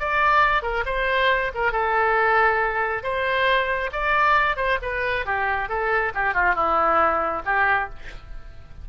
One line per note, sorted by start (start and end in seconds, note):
0.00 0.63 D5
0.63 0.85 A#4
0.86 1.52 C5
1.55 1.73 A#4
1.73 3.03 A4
3.03 3.91 C5
3.93 4.57 D5
4.57 4.79 C5
4.83 5.26 B4
5.26 5.69 G4
5.69 6.13 A4
6.15 6.34 G4
6.34 6.55 F4
6.55 7.43 E4
7.46 7.90 G4